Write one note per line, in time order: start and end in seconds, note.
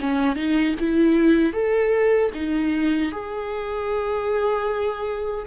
0.00 0.35 C#4
0.35 0.74 D#4
0.79 1.53 E4
1.53 2.31 A4
2.33 3.11 D#4
3.12 5.45 G#4